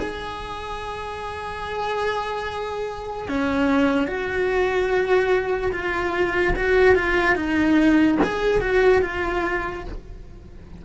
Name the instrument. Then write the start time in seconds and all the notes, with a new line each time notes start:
cello
0.00 G#4
3.29 C#4
4.08 F#4
5.73 F4
6.56 F#4
6.95 F4
7.36 D#4
8.24 G#4
8.61 F#4
9.02 F4